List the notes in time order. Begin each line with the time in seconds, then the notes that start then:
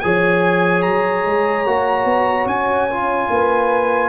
0.00 F3 G#4 C#5 G#5
0.82 F#3 A#5
1.25 G#3
1.66 A#3 F#4
2.04 B3
2.45 C#4 G#5
2.90 F4
3.30 A#3 B4